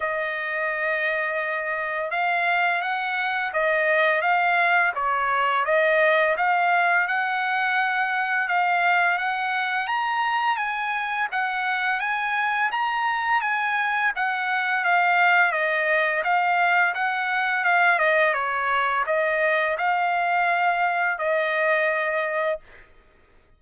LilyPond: \new Staff \with { instrumentName = "trumpet" } { \time 4/4 \tempo 4 = 85 dis''2. f''4 | fis''4 dis''4 f''4 cis''4 | dis''4 f''4 fis''2 | f''4 fis''4 ais''4 gis''4 |
fis''4 gis''4 ais''4 gis''4 | fis''4 f''4 dis''4 f''4 | fis''4 f''8 dis''8 cis''4 dis''4 | f''2 dis''2 | }